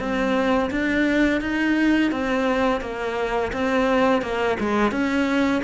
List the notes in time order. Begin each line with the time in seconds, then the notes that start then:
0.00 C4
0.71 D4
1.41 D#4
2.12 C4
2.81 A#3
3.53 C4
4.22 A#3
4.60 G#3
4.92 C#4